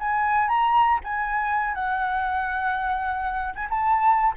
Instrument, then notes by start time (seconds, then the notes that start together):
flute
0.00 G#5
0.49 A#5
1.04 G#5
1.75 F#5
3.55 G#5
3.70 A5